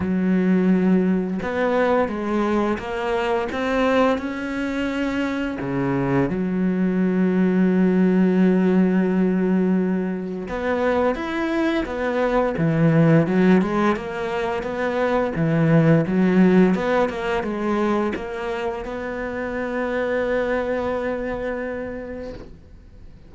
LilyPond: \new Staff \with { instrumentName = "cello" } { \time 4/4 \tempo 4 = 86 fis2 b4 gis4 | ais4 c'4 cis'2 | cis4 fis2.~ | fis2. b4 |
e'4 b4 e4 fis8 gis8 | ais4 b4 e4 fis4 | b8 ais8 gis4 ais4 b4~ | b1 | }